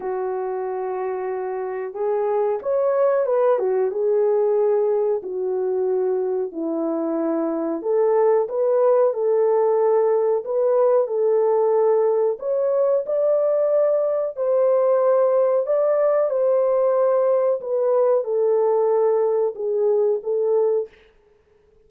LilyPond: \new Staff \with { instrumentName = "horn" } { \time 4/4 \tempo 4 = 92 fis'2. gis'4 | cis''4 b'8 fis'8 gis'2 | fis'2 e'2 | a'4 b'4 a'2 |
b'4 a'2 cis''4 | d''2 c''2 | d''4 c''2 b'4 | a'2 gis'4 a'4 | }